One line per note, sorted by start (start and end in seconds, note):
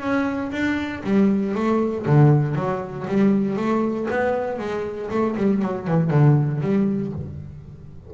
0.00 0.51 C#4
0.51 1.02 D4
1.04 1.54 G3
1.54 2.05 A3
2.06 2.55 D3
2.55 3.06 F#3
3.07 3.56 G3
3.56 4.07 A3
4.10 4.58 B3
4.58 5.09 G#3
5.10 5.36 A3
5.36 5.62 G3
5.62 5.87 F#3
5.87 6.10 E3
6.10 6.61 D3
6.61 7.12 G3